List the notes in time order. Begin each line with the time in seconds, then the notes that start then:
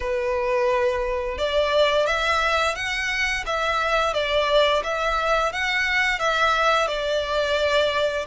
0.00 B4
1.38 D5
2.06 E5
2.75 F#5
3.45 E5
4.13 D5
4.83 E5
5.52 F#5
6.19 E5
6.87 D5